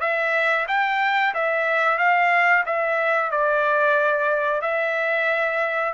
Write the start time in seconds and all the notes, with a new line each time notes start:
0.00 E5
0.68 G5
1.34 E5
1.98 F5
2.66 E5
3.31 D5
4.62 E5